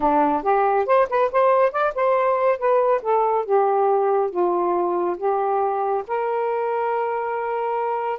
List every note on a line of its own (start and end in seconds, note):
0.00 0.42 D4
0.42 0.85 G4
0.86 1.07 C5
1.09 1.31 B4
1.31 1.71 C5
1.71 1.93 D5
1.94 2.58 C5
2.58 3.01 B4
3.02 3.45 A4
3.45 4.30 G4
4.30 5.16 F4
5.17 6.03 G4
6.07 8.19 A#4